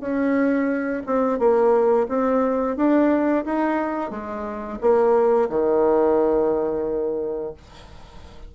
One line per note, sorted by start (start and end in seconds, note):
0.00 1.02 C#4
1.06 1.39 C4
1.39 2.07 A#3
2.08 2.76 C4
2.76 3.44 D4
3.45 4.10 D#4
4.10 4.78 G#3
4.80 5.49 A#3
5.49 7.53 D#3